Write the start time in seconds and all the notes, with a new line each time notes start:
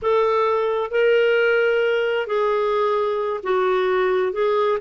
0.02 A4
0.90 A#4
2.26 G#4
3.43 F#4
4.33 G#4